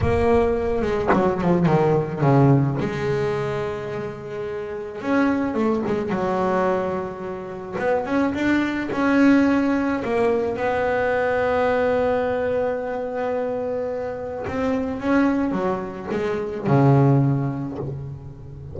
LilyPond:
\new Staff \with { instrumentName = "double bass" } { \time 4/4 \tempo 4 = 108 ais4. gis8 fis8 f8 dis4 | cis4 gis2.~ | gis4 cis'4 a8 gis8 fis4~ | fis2 b8 cis'8 d'4 |
cis'2 ais4 b4~ | b1~ | b2 c'4 cis'4 | fis4 gis4 cis2 | }